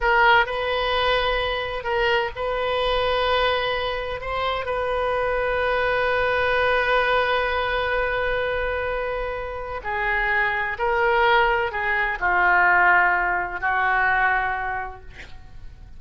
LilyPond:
\new Staff \with { instrumentName = "oboe" } { \time 4/4 \tempo 4 = 128 ais'4 b'2. | ais'4 b'2.~ | b'4 c''4 b'2~ | b'1~ |
b'1~ | b'4 gis'2 ais'4~ | ais'4 gis'4 f'2~ | f'4 fis'2. | }